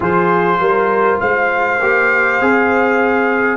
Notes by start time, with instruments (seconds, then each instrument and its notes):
0.00 tuba F3, trombone F4, horn G#4, trumpet C5
0.59 tuba G3, horn A#4
1.20 tuba G#3, horn C5, trumpet F5
1.81 tuba A#3, trombone G4
2.40 tuba C4, trombone G#4